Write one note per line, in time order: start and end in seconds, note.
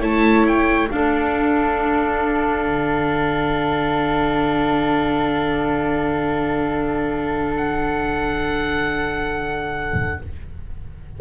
0.00 0.89 A3
0.00 0.89 E4
0.00 0.88 C#5
0.00 0.47 A5
0.48 0.90 G5
0.90 2.67 D4
0.90 10.19 D4
0.90 10.21 A4
0.90 7.52 F5
2.67 10.17 D3
7.57 10.21 F#5